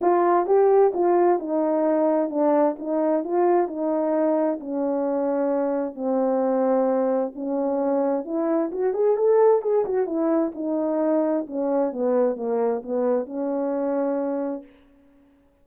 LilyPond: \new Staff \with { instrumentName = "horn" } { \time 4/4 \tempo 4 = 131 f'4 g'4 f'4 dis'4~ | dis'4 d'4 dis'4 f'4 | dis'2 cis'2~ | cis'4 c'2. |
cis'2 e'4 fis'8 gis'8 | a'4 gis'8 fis'8 e'4 dis'4~ | dis'4 cis'4 b4 ais4 | b4 cis'2. | }